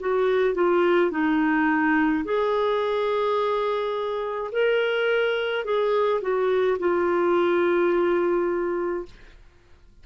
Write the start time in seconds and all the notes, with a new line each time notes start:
0.00 F#4
0.55 F4
1.11 D#4
2.25 G#4
4.52 A#4
5.64 G#4
6.21 F#4
6.79 F4